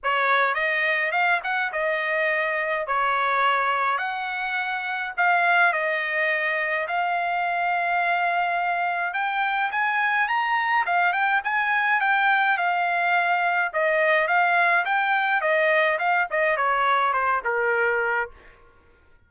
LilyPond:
\new Staff \with { instrumentName = "trumpet" } { \time 4/4 \tempo 4 = 105 cis''4 dis''4 f''8 fis''8 dis''4~ | dis''4 cis''2 fis''4~ | fis''4 f''4 dis''2 | f''1 |
g''4 gis''4 ais''4 f''8 g''8 | gis''4 g''4 f''2 | dis''4 f''4 g''4 dis''4 | f''8 dis''8 cis''4 c''8 ais'4. | }